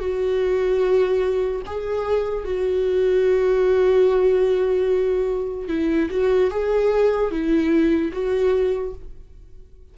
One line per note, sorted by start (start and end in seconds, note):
0.00 1.62 F#4
1.67 2.45 G#4
2.45 5.69 F#4
5.69 6.09 E4
6.11 6.51 F#4
6.51 7.31 G#4
7.31 8.12 E4
8.13 8.94 F#4